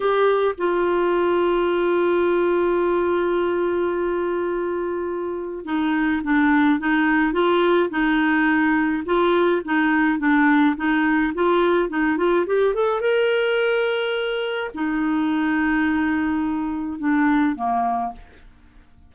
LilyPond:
\new Staff \with { instrumentName = "clarinet" } { \time 4/4 \tempo 4 = 106 g'4 f'2.~ | f'1~ | f'2 dis'4 d'4 | dis'4 f'4 dis'2 |
f'4 dis'4 d'4 dis'4 | f'4 dis'8 f'8 g'8 a'8 ais'4~ | ais'2 dis'2~ | dis'2 d'4 ais4 | }